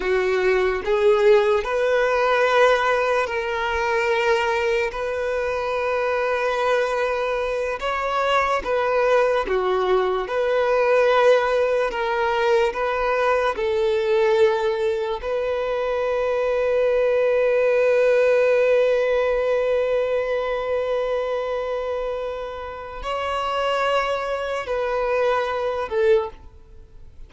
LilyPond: \new Staff \with { instrumentName = "violin" } { \time 4/4 \tempo 4 = 73 fis'4 gis'4 b'2 | ais'2 b'2~ | b'4. cis''4 b'4 fis'8~ | fis'8 b'2 ais'4 b'8~ |
b'8 a'2 b'4.~ | b'1~ | b'1 | cis''2 b'4. a'8 | }